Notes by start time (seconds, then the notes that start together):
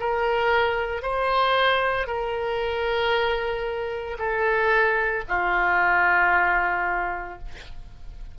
0.00 A#4
1.02 C5
2.07 A#4
4.19 A4
5.28 F4